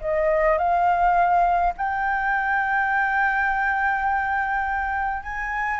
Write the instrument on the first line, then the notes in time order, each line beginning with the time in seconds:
flute
0.00 D#5
0.58 F5
1.77 G5
5.23 G#5